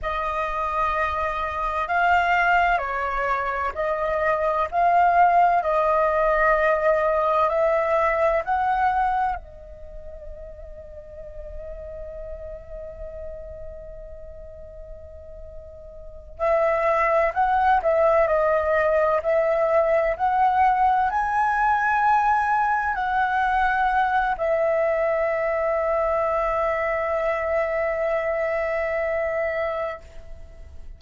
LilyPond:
\new Staff \with { instrumentName = "flute" } { \time 4/4 \tempo 4 = 64 dis''2 f''4 cis''4 | dis''4 f''4 dis''2 | e''4 fis''4 dis''2~ | dis''1~ |
dis''4. e''4 fis''8 e''8 dis''8~ | dis''8 e''4 fis''4 gis''4.~ | gis''8 fis''4. e''2~ | e''1 | }